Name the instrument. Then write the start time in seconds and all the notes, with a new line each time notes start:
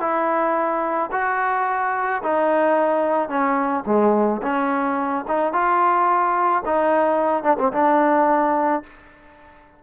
trombone
0.00 E4
1.12 F#4
2.23 D#4
3.29 C#4
3.86 G#3
4.42 C#4
5.27 D#4
5.52 F4
6.65 D#4
7.43 D4
7.58 C4
7.72 D4